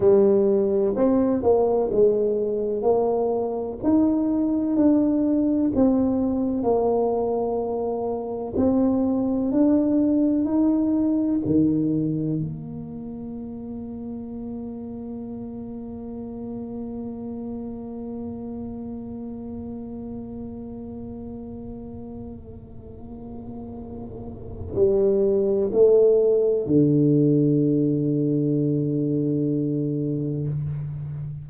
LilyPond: \new Staff \with { instrumentName = "tuba" } { \time 4/4 \tempo 4 = 63 g4 c'8 ais8 gis4 ais4 | dis'4 d'4 c'4 ais4~ | ais4 c'4 d'4 dis'4 | dis4 ais2.~ |
ais1~ | ais1~ | ais2 g4 a4 | d1 | }